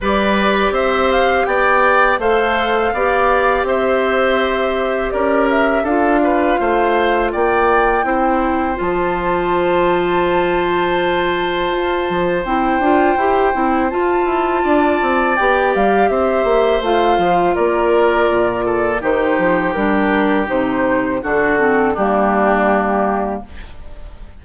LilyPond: <<
  \new Staff \with { instrumentName = "flute" } { \time 4/4 \tempo 4 = 82 d''4 e''8 f''8 g''4 f''4~ | f''4 e''2 d''8 e''8 | f''2 g''2 | a''1~ |
a''4 g''2 a''4~ | a''4 g''8 f''8 e''4 f''4 | d''2 c''4 ais'4 | c''4 a'4 g'2 | }
  \new Staff \with { instrumentName = "oboe" } { \time 4/4 b'4 c''4 d''4 c''4 | d''4 c''2 ais'4 | a'8 b'8 c''4 d''4 c''4~ | c''1~ |
c''1 | d''2 c''2 | ais'4. a'8 g'2~ | g'4 fis'4 d'2 | }
  \new Staff \with { instrumentName = "clarinet" } { \time 4/4 g'2. a'4 | g'1 | f'2. e'4 | f'1~ |
f'4 e'8 f'8 g'8 e'8 f'4~ | f'4 g'2 f'4~ | f'2 dis'4 d'4 | dis'4 d'8 c'8 ais2 | }
  \new Staff \with { instrumentName = "bassoon" } { \time 4/4 g4 c'4 b4 a4 | b4 c'2 cis'4 | d'4 a4 ais4 c'4 | f1 |
f'8 f8 c'8 d'8 e'8 c'8 f'8 e'8 | d'8 c'8 b8 g8 c'8 ais8 a8 f8 | ais4 ais,4 dis8 f8 g4 | c4 d4 g2 | }
>>